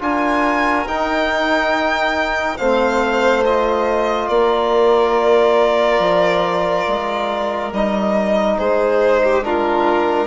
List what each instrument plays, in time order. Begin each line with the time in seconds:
0.00 bassoon D4, trombone F4, violin A#4 G#5
0.86 bassoon D#4, trombone D#4, violin G5
2.57 bassoon A3, trombone C4, violin C5 F5
3.45 trombone F4, violin D#5
4.28 bassoon A#3, violin A#4 D5
5.99 bassoon F3
6.87 bassoon G#3
7.72 bassoon G3, trombone D#4, violin D#5
8.57 bassoon G#3, violin G#4 C5
9.23 violin G4
9.42 trombone D4, violin F4 A#4